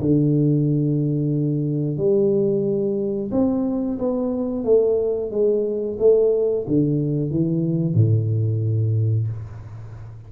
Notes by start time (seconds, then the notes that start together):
0.00 D3
1.98 G3
3.32 C4
3.99 B3
4.65 A3
5.31 G#3
5.99 A3
6.68 D3
7.31 E3
7.94 A2